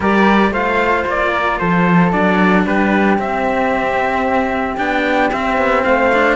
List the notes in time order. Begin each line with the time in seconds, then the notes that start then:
0.00 G3 G4 A#4 D5
0.50 A3 F4 C5 F5
1.07 A#3 D5
1.32 A#4
1.58 F3 A4 C5
2.12 F#3 D4 D5
2.66 G3 G4 B4
3.17 C4 E5
4.77 B3 D4 G5
5.32 C4 E5
5.57 B3
5.84 A3 C5 F5
6.13 D4